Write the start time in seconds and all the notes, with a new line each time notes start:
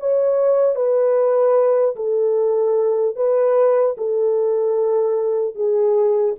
0.00 C#5
0.76 B4
1.96 A4
3.16 B4
3.98 A4
5.55 G#4